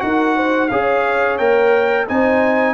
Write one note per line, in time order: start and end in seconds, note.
0.00 0.70 D#4
0.00 0.68 F#4
0.00 0.36 A#4
0.00 0.68 F#5
0.36 0.70 C5
0.68 1.39 C#4
0.68 1.39 G#4
0.68 2.06 C#5
0.68 1.37 F5
1.37 2.07 A#3
1.37 2.07 A#4
1.37 2.06 G5
2.07 2.74 C4
2.07 2.74 D#4
2.07 2.74 C5
2.07 2.74 G#5